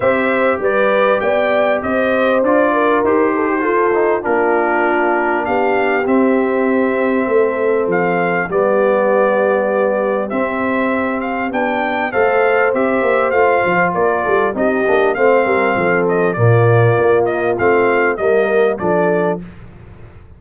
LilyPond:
<<
  \new Staff \with { instrumentName = "trumpet" } { \time 4/4 \tempo 4 = 99 e''4 d''4 g''4 dis''4 | d''4 c''2 ais'4~ | ais'4 f''4 e''2~ | e''4 f''4 d''2~ |
d''4 e''4. f''8 g''4 | f''4 e''4 f''4 d''4 | dis''4 f''4. dis''8 d''4~ | d''8 dis''8 f''4 dis''4 d''4 | }
  \new Staff \with { instrumentName = "horn" } { \time 4/4 c''4 b'4 d''4 c''4~ | c''8 ais'4 a'16 g'16 a'4 f'4~ | f'4 g'2. | a'2 g'2~ |
g'1 | c''2. ais'8 a'8 | g'4 c''8 ais'8 a'4 f'4~ | f'2 ais'4 a'4 | }
  \new Staff \with { instrumentName = "trombone" } { \time 4/4 g'1 | f'4 g'4 f'8 dis'8 d'4~ | d'2 c'2~ | c'2 b2~ |
b4 c'2 d'4 | a'4 g'4 f'2 | dis'8 d'8 c'2 ais4~ | ais4 c'4 ais4 d'4 | }
  \new Staff \with { instrumentName = "tuba" } { \time 4/4 c'4 g4 b4 c'4 | d'4 dis'4 f'4 ais4~ | ais4 b4 c'2 | a4 f4 g2~ |
g4 c'2 b4 | a4 c'8 ais8 a8 f8 ais8 g8 | c'8 ais8 a8 g8 f4 ais,4 | ais4 a4 g4 f4 | }
>>